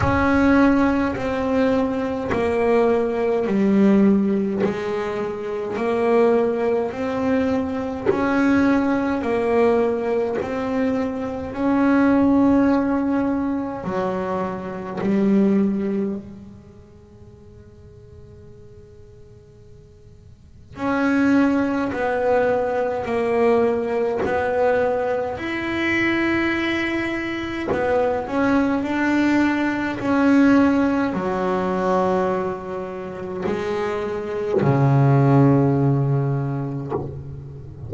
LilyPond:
\new Staff \with { instrumentName = "double bass" } { \time 4/4 \tempo 4 = 52 cis'4 c'4 ais4 g4 | gis4 ais4 c'4 cis'4 | ais4 c'4 cis'2 | fis4 g4 gis2~ |
gis2 cis'4 b4 | ais4 b4 e'2 | b8 cis'8 d'4 cis'4 fis4~ | fis4 gis4 cis2 | }